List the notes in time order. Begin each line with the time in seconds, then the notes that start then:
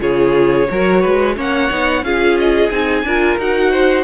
0.00 C#3 F4 G#4 C#5
0.70 F#3 F#4 A#4
1.02 G#3 B4
1.36 A#3 C#4 C#5 F#5
1.71 B3 D#4
2.02 C#4 F4 G#4 F5
2.39 D#5
2.70 C4 D#4 G#5
3.03 D4 F4 A#4
3.39 D#4 F#4 F#5
3.71 C5